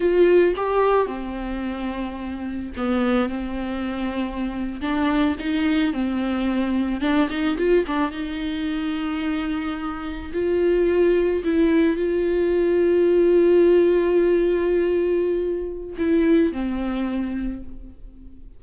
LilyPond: \new Staff \with { instrumentName = "viola" } { \time 4/4 \tempo 4 = 109 f'4 g'4 c'2~ | c'4 b4 c'2~ | c'8. d'4 dis'4 c'4~ c'16~ | c'8. d'8 dis'8 f'8 d'8 dis'4~ dis'16~ |
dis'2~ dis'8. f'4~ f'16~ | f'8. e'4 f'2~ f'16~ | f'1~ | f'4 e'4 c'2 | }